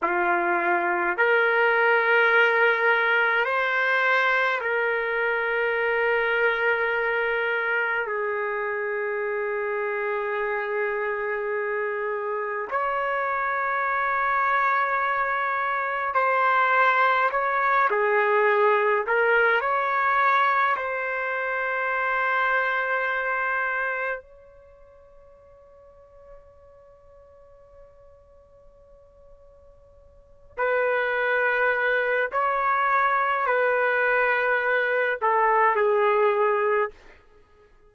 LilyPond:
\new Staff \with { instrumentName = "trumpet" } { \time 4/4 \tempo 4 = 52 f'4 ais'2 c''4 | ais'2. gis'4~ | gis'2. cis''4~ | cis''2 c''4 cis''8 gis'8~ |
gis'8 ais'8 cis''4 c''2~ | c''4 cis''2.~ | cis''2~ cis''8 b'4. | cis''4 b'4. a'8 gis'4 | }